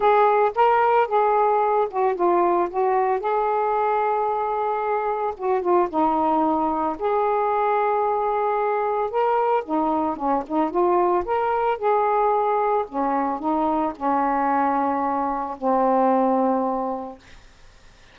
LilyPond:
\new Staff \with { instrumentName = "saxophone" } { \time 4/4 \tempo 4 = 112 gis'4 ais'4 gis'4. fis'8 | f'4 fis'4 gis'2~ | gis'2 fis'8 f'8 dis'4~ | dis'4 gis'2.~ |
gis'4 ais'4 dis'4 cis'8 dis'8 | f'4 ais'4 gis'2 | cis'4 dis'4 cis'2~ | cis'4 c'2. | }